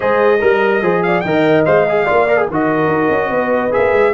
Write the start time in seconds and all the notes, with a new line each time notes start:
0.00 G#3 G#4 C5 D#5
0.38 G3 A#4
0.82 F3 G#4 C5
1.02 D5 F5
1.21 D#3 D#5 G5
1.27 A#4
1.65 G#3 C5 F5
1.89 G#4
2.05 A#3 F4 D5
2.27 A#4
2.37 G#4
2.48 D#3 F#4 A#4 D#5
2.87 D#4
3.10 C#4
3.29 B3 B4
3.71 G#4 E5
3.77 A#3
3.92 G#3